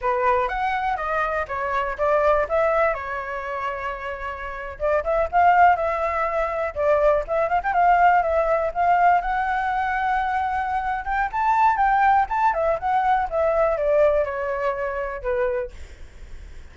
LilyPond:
\new Staff \with { instrumentName = "flute" } { \time 4/4 \tempo 4 = 122 b'4 fis''4 dis''4 cis''4 | d''4 e''4 cis''2~ | cis''4.~ cis''16 d''8 e''8 f''4 e''16~ | e''4.~ e''16 d''4 e''8 f''16 g''16 f''16~ |
f''8. e''4 f''4 fis''4~ fis''16~ | fis''2~ fis''8 g''8 a''4 | g''4 a''8 e''8 fis''4 e''4 | d''4 cis''2 b'4 | }